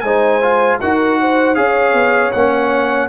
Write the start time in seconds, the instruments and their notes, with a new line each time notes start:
0.00 tuba G#3, trombone D#4, horn C5, trumpet G#5
0.42 trombone F4
0.80 tuba D#4, trombone F#4, horn A#4, trumpet F#5
1.20 horn C5
1.55 tuba C#4, trombone G#4, horn C#5, trumpet F5
1.93 tuba B3
2.32 tuba A#3, trombone C#4, trumpet F#5